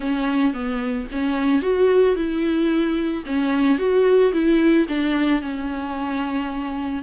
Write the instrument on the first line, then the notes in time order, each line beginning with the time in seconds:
viola
0.00 C#4
0.53 B3
1.11 C#4
1.61 F#4
2.15 E4
3.26 C#4
3.78 F#4
4.32 E4
4.88 D4
5.41 C#4